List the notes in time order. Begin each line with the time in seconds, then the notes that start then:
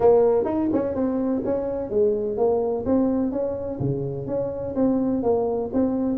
0.00 A#3
0.45 D#4
0.73 C#4
0.94 C4
1.45 C#4
1.90 G#3
2.37 A#3
2.85 C4
3.31 C#4
3.79 C#3
4.27 C#4
4.75 C4
5.23 A#3
5.73 C4